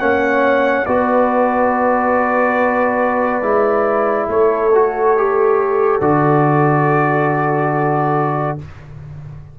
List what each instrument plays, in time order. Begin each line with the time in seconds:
0.00 tuba A#3, trombone C#4, horn C#5, trumpet F#5
0.86 tuba B3, trombone F#4, horn B4, trumpet D5
3.41 tuba G#3, trombone E4
4.28 tuba A3, horn A4, trumpet C#5
4.74 trombone F#4
5.17 trombone G4
6.01 tuba D3, trombone F#4, trumpet D5